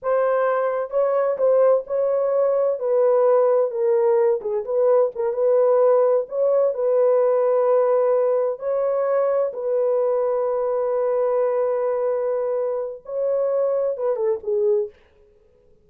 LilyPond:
\new Staff \with { instrumentName = "horn" } { \time 4/4 \tempo 4 = 129 c''2 cis''4 c''4 | cis''2 b'2 | ais'4. gis'8 b'4 ais'8 b'8~ | b'4. cis''4 b'4.~ |
b'2~ b'8 cis''4.~ | cis''8 b'2.~ b'8~ | b'1 | cis''2 b'8 a'8 gis'4 | }